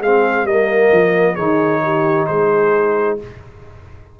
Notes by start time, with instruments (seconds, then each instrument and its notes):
0.00 tuba G#3, trombone C4, horn G#4, trumpet F5
0.44 tuba G3, trombone A#3, horn A#4, trumpet D#5
0.92 tuba F3
1.35 tuba D#3, trombone D#4, horn G#4, trumpet C#5
1.84 horn G4
2.27 tuba G#3, horn G#4, trumpet C5